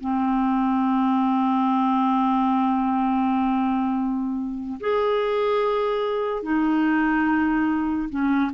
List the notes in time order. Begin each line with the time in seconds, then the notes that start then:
0.00 C4
4.80 G#4
6.42 D#4
8.09 C#4